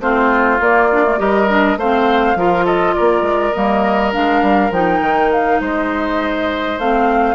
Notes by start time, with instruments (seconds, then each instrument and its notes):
0.00 bassoon A3, clarinet C4, oboe F4, flute C5
0.59 bassoon A#3, clarinet A#3, flute D5
0.92 clarinet D4
1.04 clarinet A3
1.18 bassoon G3, clarinet G4, oboe A#4, flute D#5
1.48 clarinet D4
1.76 bassoon A3, clarinet C4, oboe C5, flute F5
2.35 bassoon F3, clarinet F4, oboe A#4
2.64 oboe A4, flute D#5
2.94 oboe A#4, flute D5
3.00 bassoon A#3
3.21 bassoon G#3
3.52 bassoon G3, clarinet A#3, flute D#5
4.12 bassoon G#3, clarinet D4, flute F5
4.41 bassoon G3
4.70 bassoon F3, clarinet D#4, flute G5
5.01 bassoon D#3
5.31 flute F5
5.60 bassoon G#3, oboe C5, flute D#5
6.78 bassoon A3, clarinet C4, flute F5